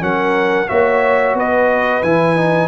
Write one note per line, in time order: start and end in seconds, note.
0.00 0.69 F#3
0.00 0.67 C#4
0.00 0.69 A#4
0.00 0.69 F#5
0.68 1.34 A#3
0.68 2.03 F#4
0.68 1.36 C#5
0.68 1.36 E5
1.34 2.02 B3
1.34 2.68 B4
1.34 2.03 D#5
2.03 2.68 E3
2.03 2.37 E4
2.03 2.68 G#5
2.37 2.68 D#4